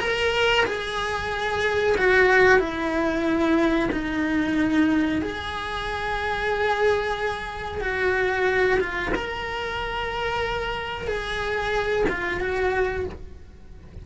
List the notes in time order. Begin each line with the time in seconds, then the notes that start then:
0.00 A#4
0.66 G#4
1.97 F#4
2.59 E4
3.92 D#4
5.22 G#4
7.81 F#4
8.80 F4
9.15 A#4
11.08 G#4
12.09 F4
12.41 F#4